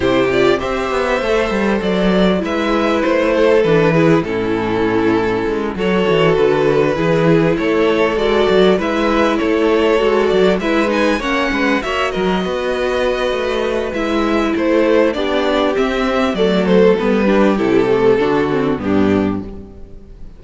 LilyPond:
<<
  \new Staff \with { instrumentName = "violin" } { \time 4/4 \tempo 4 = 99 c''8 d''8 e''2 d''4 | e''4 c''4 b'4 a'4~ | a'4. cis''4 b'4.~ | b'8 cis''4 d''4 e''4 cis''8~ |
cis''4 d''8 e''8 gis''8 fis''4 e''8 | dis''2. e''4 | c''4 d''4 e''4 d''8 c''8 | b'4 a'2 g'4 | }
  \new Staff \with { instrumentName = "violin" } { \time 4/4 g'4 c''2. | b'4. a'4 gis'8 e'4~ | e'4. a'2 gis'8~ | gis'8 a'2 b'4 a'8~ |
a'4. b'4 cis''8 b'8 cis''8 | ais'8 b'2.~ b'8 | a'4 g'2 a'4~ | a'8 g'4. fis'4 d'4 | }
  \new Staff \with { instrumentName = "viola" } { \time 4/4 e'8 f'8 g'4 a'2 | e'2 d'8 e'8 cis'4~ | cis'4. fis'2 e'8~ | e'4. fis'4 e'4.~ |
e'8 fis'4 e'8 dis'8 cis'4 fis'8~ | fis'2. e'4~ | e'4 d'4 c'4 a4 | b8 d'8 e'8 a8 d'8 c'8 b4 | }
  \new Staff \with { instrumentName = "cello" } { \time 4/4 c4 c'8 b8 a8 g8 fis4 | gis4 a4 e4 a,4~ | a,4 gis8 fis8 e8 d4 e8~ | e8 a4 gis8 fis8 gis4 a8~ |
a8 gis8 fis8 gis4 ais8 gis8 ais8 | fis8 b4. a4 gis4 | a4 b4 c'4 fis4 | g4 c4 d4 g,4 | }
>>